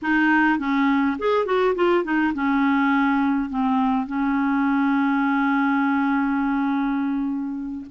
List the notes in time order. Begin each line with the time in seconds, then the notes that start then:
0.02 D#4
0.59 C#4
1.19 G#4
1.45 F#4
1.75 F4
2.04 D#4
2.34 C#4
3.49 C4
4.06 C#4